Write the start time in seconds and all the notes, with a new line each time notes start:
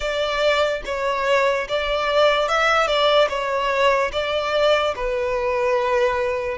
0.00 D5
0.85 C#5
1.68 D5
2.48 E5
2.87 D5
3.29 C#5
4.12 D5
4.95 B4